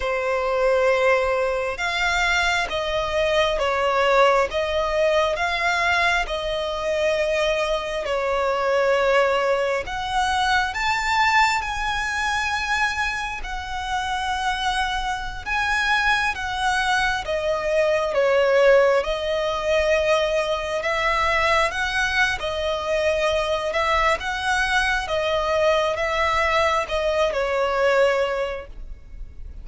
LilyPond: \new Staff \with { instrumentName = "violin" } { \time 4/4 \tempo 4 = 67 c''2 f''4 dis''4 | cis''4 dis''4 f''4 dis''4~ | dis''4 cis''2 fis''4 | a''4 gis''2 fis''4~ |
fis''4~ fis''16 gis''4 fis''4 dis''8.~ | dis''16 cis''4 dis''2 e''8.~ | e''16 fis''8. dis''4. e''8 fis''4 | dis''4 e''4 dis''8 cis''4. | }